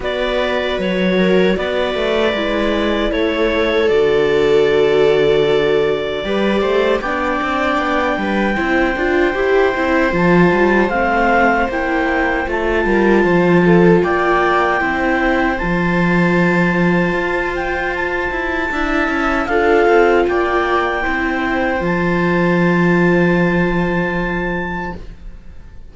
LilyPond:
<<
  \new Staff \with { instrumentName = "clarinet" } { \time 4/4 \tempo 4 = 77 d''4 cis''4 d''2 | cis''4 d''2.~ | d''4 g''2.~ | g''4 a''4 f''4 g''4 |
a''2 g''2 | a''2~ a''8 g''8 a''4~ | a''4 f''4 g''2 | a''1 | }
  \new Staff \with { instrumentName = "viola" } { \time 4/4 b'4. ais'8 b'2 | a'1 | b'8 c''8 d''4. b'8 c''4~ | c''1~ |
c''8 ais'8 c''8 a'8 d''4 c''4~ | c''1 | e''4 a'4 d''4 c''4~ | c''1 | }
  \new Staff \with { instrumentName = "viola" } { \time 4/4 fis'2. e'4~ | e'4 fis'2. | g'4 d'2 e'8 f'8 | g'8 e'8 f'4 c'4 e'4 |
f'2. e'4 | f'1 | e'4 f'2 e'4 | f'1 | }
  \new Staff \with { instrumentName = "cello" } { \time 4/4 b4 fis4 b8 a8 gis4 | a4 d2. | g8 a8 b8 c'8 b8 g8 c'8 d'8 | e'8 c'8 f8 g8 a4 ais4 |
a8 g8 f4 ais4 c'4 | f2 f'4. e'8 | d'8 cis'8 d'8 c'8 ais4 c'4 | f1 | }
>>